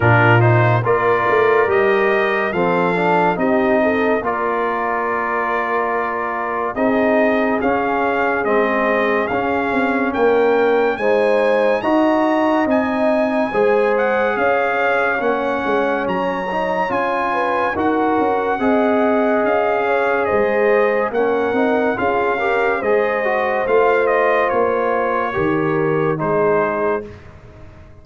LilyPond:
<<
  \new Staff \with { instrumentName = "trumpet" } { \time 4/4 \tempo 4 = 71 ais'8 c''8 d''4 dis''4 f''4 | dis''4 d''2. | dis''4 f''4 dis''4 f''4 | g''4 gis''4 ais''4 gis''4~ |
gis''8 fis''8 f''4 fis''4 ais''4 | gis''4 fis''2 f''4 | dis''4 fis''4 f''4 dis''4 | f''8 dis''8 cis''2 c''4 | }
  \new Staff \with { instrumentName = "horn" } { \time 4/4 f'4 ais'2 a'4 | g'8 a'8 ais'2. | gis'1 | ais'4 c''4 dis''2 |
c''4 cis''2.~ | cis''8 b'8 ais'4 dis''4. cis''8 | c''4 ais'4 gis'8 ais'8 c''4~ | c''2 ais'4 gis'4 | }
  \new Staff \with { instrumentName = "trombone" } { \time 4/4 d'8 dis'8 f'4 g'4 c'8 d'8 | dis'4 f'2. | dis'4 cis'4 c'4 cis'4~ | cis'4 dis'4 fis'4 dis'4 |
gis'2 cis'4. dis'8 | f'4 fis'4 gis'2~ | gis'4 cis'8 dis'8 f'8 g'8 gis'8 fis'8 | f'2 g'4 dis'4 | }
  \new Staff \with { instrumentName = "tuba" } { \time 4/4 ais,4 ais8 a8 g4 f4 | c'4 ais2. | c'4 cis'4 gis4 cis'8 c'8 | ais4 gis4 dis'4 c'4 |
gis4 cis'4 ais8 gis8 fis4 | cis'4 dis'8 cis'8 c'4 cis'4 | gis4 ais8 c'8 cis'4 gis4 | a4 ais4 dis4 gis4 | }
>>